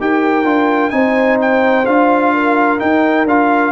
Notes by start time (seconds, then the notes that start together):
0.00 D#4 G4 A#4 G5
0.45 D4 F4
0.90 C4 D#4 C5 G#5
1.41 G5
1.86 D4 F4 F5
2.34 A#4
2.79 D#4 G5
3.25 D4 F4 F5